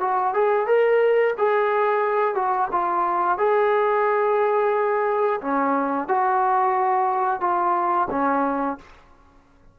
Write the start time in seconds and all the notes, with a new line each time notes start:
0.00 F#4
0.33 G#4
0.66 A#4
1.38 G#4
2.34 F#4
2.71 F4
3.38 G#4
5.41 C#4
6.08 F#4
7.40 F4
8.10 C#4